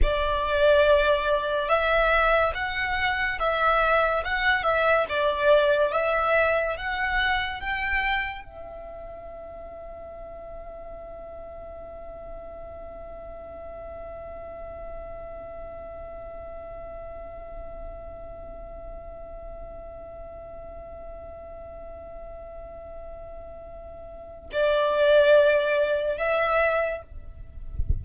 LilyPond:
\new Staff \with { instrumentName = "violin" } { \time 4/4 \tempo 4 = 71 d''2 e''4 fis''4 | e''4 fis''8 e''8 d''4 e''4 | fis''4 g''4 e''2~ | e''1~ |
e''1~ | e''1~ | e''1~ | e''4 d''2 e''4 | }